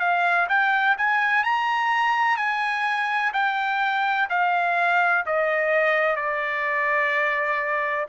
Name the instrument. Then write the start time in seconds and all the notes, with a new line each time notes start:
trumpet
0.00 F5
0.49 G5
0.98 G#5
1.44 A#5
2.37 G#5
3.33 G5
4.30 F5
5.26 D#5
6.16 D5